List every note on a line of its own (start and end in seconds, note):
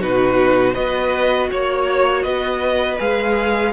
0.00 0.75 B2
0.00 0.74 D#4
0.00 0.74 F#4
0.00 0.75 B4
0.74 1.51 B3
0.74 2.96 F#4
0.74 1.48 B4
0.74 1.49 D#5
1.51 2.25 A#3
1.51 2.23 C#5
1.51 2.24 C#5
2.23 2.99 B3
2.23 3.72 B4
2.23 2.97 D#5
2.99 3.73 G#3
2.99 3.73 G#4
2.99 3.73 F5